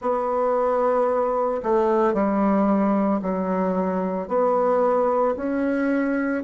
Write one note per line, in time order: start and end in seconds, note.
0.00 1.61 B3
1.62 2.13 A3
2.13 3.20 G3
3.21 4.28 F#3
4.28 5.35 B3
5.36 6.43 C#4